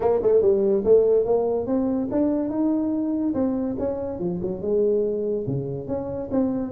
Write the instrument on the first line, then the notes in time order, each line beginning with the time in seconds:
tuba
0.00 A#3
0.22 A3
0.41 G3
0.84 A3
1.25 A#3
1.66 C4
2.11 D4
2.49 D#4
3.34 C4
3.78 C#4
4.19 F3
4.42 F#3
4.61 G#3
5.47 C#3
5.87 C#4
6.31 C4